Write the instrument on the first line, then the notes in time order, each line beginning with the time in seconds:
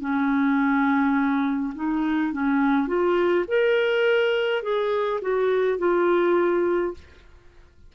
clarinet
0.00 C#4
1.75 D#4
2.32 C#4
2.87 F4
3.47 A#4
4.62 G#4
5.21 F#4
5.78 F4